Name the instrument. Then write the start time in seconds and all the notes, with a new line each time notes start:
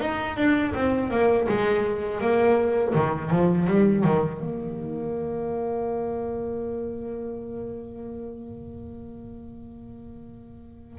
double bass
0.00 D#4
0.36 D4
0.75 C4
1.10 A#3
1.48 G#3
2.21 A#3
2.94 D#3
3.30 F3
3.67 G3
4.04 D#3
4.40 A#3